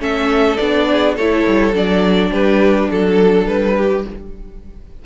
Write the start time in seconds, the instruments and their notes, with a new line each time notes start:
0.00 cello A3, viola C#4, violin A4 E5
0.57 cello B3, viola D4, violin D5
0.92 violin G#4
1.15 cello A3, viola E4, violin A4 C#5
1.47 cello G3
1.73 cello F#3, viola D4, violin D5
2.31 cello G3, violin G4 B4
2.91 cello F#3, violin A4
3.47 cello G3, violin B4
3.77 violin G4